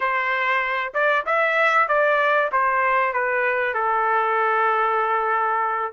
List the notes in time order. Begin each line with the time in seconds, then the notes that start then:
0.00 C5
0.94 D5
1.26 E5
1.88 D5
2.51 C5
3.12 B4
3.74 A4